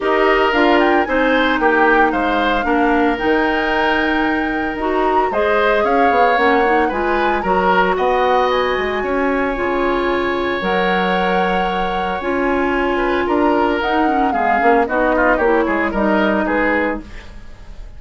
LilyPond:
<<
  \new Staff \with { instrumentName = "flute" } { \time 4/4 \tempo 4 = 113 dis''4 f''8 g''8 gis''4 g''4 | f''2 g''2~ | g''4 ais''4 dis''4 f''4 | fis''4 gis''4 ais''4 fis''4 |
gis''1 | fis''2. gis''4~ | gis''4 ais''4 fis''4 f''4 | dis''4 cis''4 dis''4 b'4 | }
  \new Staff \with { instrumentName = "oboe" } { \time 4/4 ais'2 c''4 g'4 | c''4 ais'2.~ | ais'2 c''4 cis''4~ | cis''4 b'4 ais'4 dis''4~ |
dis''4 cis''2.~ | cis''1~ | cis''8 b'8 ais'2 gis'4 | fis'8 f'8 g'8 gis'8 ais'4 gis'4 | }
  \new Staff \with { instrumentName = "clarinet" } { \time 4/4 g'4 f'4 dis'2~ | dis'4 d'4 dis'2~ | dis'4 fis'4 gis'2 | cis'8 dis'8 f'4 fis'2~ |
fis'2 f'2 | ais'2. f'4~ | f'2 dis'8 cis'8 b8 cis'8 | dis'4 e'4 dis'2 | }
  \new Staff \with { instrumentName = "bassoon" } { \time 4/4 dis'4 d'4 c'4 ais4 | gis4 ais4 dis2~ | dis4 dis'4 gis4 cis'8 b8 | ais4 gis4 fis4 b4~ |
b8 gis8 cis'4 cis2 | fis2. cis'4~ | cis'4 d'4 dis'4 gis8 ais8 | b4 ais8 gis8 g4 gis4 | }
>>